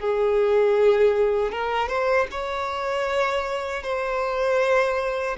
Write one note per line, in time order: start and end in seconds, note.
0.00 1.52 G#4
1.52 1.89 A#4
1.89 2.27 C5
2.31 3.83 C#5
3.83 5.37 C5